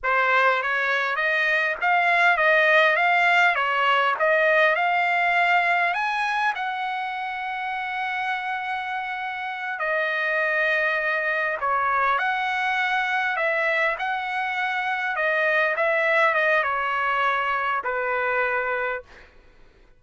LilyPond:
\new Staff \with { instrumentName = "trumpet" } { \time 4/4 \tempo 4 = 101 c''4 cis''4 dis''4 f''4 | dis''4 f''4 cis''4 dis''4 | f''2 gis''4 fis''4~ | fis''1~ |
fis''8 dis''2. cis''8~ | cis''8 fis''2 e''4 fis''8~ | fis''4. dis''4 e''4 dis''8 | cis''2 b'2 | }